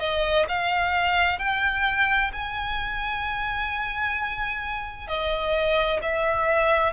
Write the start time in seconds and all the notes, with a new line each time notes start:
0.00 D#5
0.49 F5
1.39 G5
2.33 G#5
5.08 D#5
6.02 E5